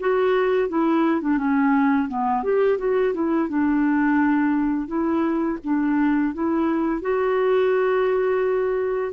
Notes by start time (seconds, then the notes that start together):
0.00 F#4
0.69 E4
1.21 D4
1.38 C#4
2.08 B3
2.44 G4
2.79 F#4
3.14 E4
3.49 D4
4.87 E4
5.64 D4
6.34 E4
7.01 F#4